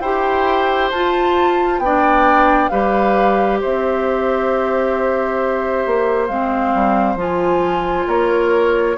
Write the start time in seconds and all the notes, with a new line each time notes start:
0.00 E4 G4 C5 G5
0.90 F4 A5
1.79 B3 D4 G5
1.85 D5
2.69 G3 G4 B4 F5
3.60 C4 C5 E5
5.87 A#3
6.27 G#3 C4 F5
6.74 G3
7.16 F3 F4 G#5
8.07 A#3 A#4 C#5